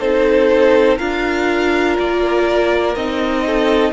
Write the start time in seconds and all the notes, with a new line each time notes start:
0.00 C4 D#4 A4 C5
0.98 D4 F4 A#4 F5
1.99 A#3 D5
2.95 C4 D#4 D#5
3.47 A4